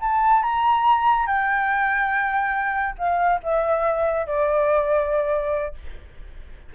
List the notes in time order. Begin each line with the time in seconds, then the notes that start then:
0.00 A5
0.42 A#5
1.26 G5
2.98 F5
3.42 E5
4.26 D5